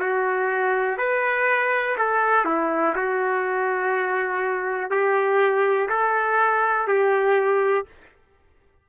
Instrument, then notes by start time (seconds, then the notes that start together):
trumpet
0.00 F#4
0.98 B4
1.98 A4
2.45 E4
2.95 F#4
4.90 G4
5.89 A4
6.88 G4